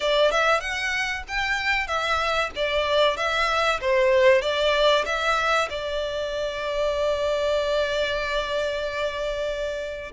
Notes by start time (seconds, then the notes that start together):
0.00 D5
0.31 E5
0.60 F#5
1.27 G5
1.87 E5
2.55 D5
3.16 E5
3.81 C5
4.41 D5
5.05 E5
5.69 D5